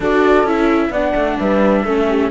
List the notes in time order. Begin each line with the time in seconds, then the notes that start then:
0.00 D4 F#4 A4 D5
0.43 C#4 E4 E5
0.90 B3 D4 D5 F#5
1.15 A3
1.38 G3 B4 E5
1.84 A3 C#4 A4
2.09 G4